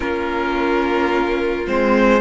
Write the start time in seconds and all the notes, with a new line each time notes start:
0.00 A#3 C#4 F4 A#4
1.66 G#3 C4 C5